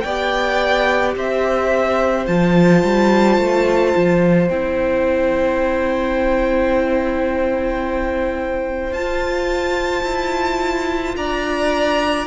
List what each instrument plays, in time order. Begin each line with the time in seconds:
0.00 cello B3, violin D5 G5
0.06 viola G4
1.15 cello C4, violin C5 E5
2.26 cello F3, viola F4, violin A5
2.83 cello G3
3.37 cello A3
3.96 cello F3
4.48 cello C4, viola E4, violin G5
8.91 cello F4, viola F4, violin A5
10.03 cello E4
11.16 cello D4, violin D5 A#5